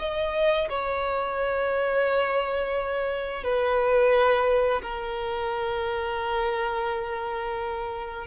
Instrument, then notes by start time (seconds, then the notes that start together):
violin
0.00 D#5
0.70 C#5
3.44 B4
4.83 A#4